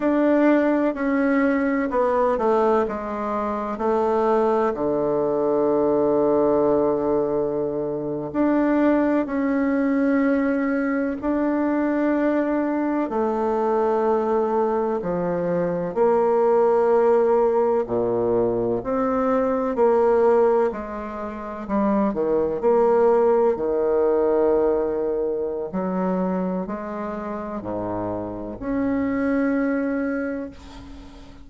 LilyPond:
\new Staff \with { instrumentName = "bassoon" } { \time 4/4 \tempo 4 = 63 d'4 cis'4 b8 a8 gis4 | a4 d2.~ | d8. d'4 cis'2 d'16~ | d'4.~ d'16 a2 f16~ |
f8. ais2 ais,4 c'16~ | c'8. ais4 gis4 g8 dis8 ais16~ | ais8. dis2~ dis16 fis4 | gis4 gis,4 cis'2 | }